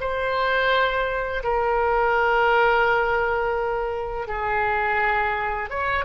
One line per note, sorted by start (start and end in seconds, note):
0.00 1.43 C5
1.43 4.27 A#4
4.27 5.69 G#4
5.69 6.05 C#5